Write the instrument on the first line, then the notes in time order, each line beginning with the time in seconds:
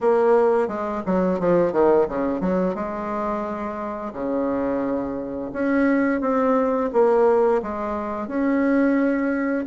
bassoon
0.00 A#3
0.68 G#3
1.05 F#3
1.39 F3
1.72 D#3
2.08 C#3
2.40 F#3
2.74 G#3
4.13 C#3
5.53 C#4
6.21 C4
6.92 A#3
7.62 G#3
8.27 C#4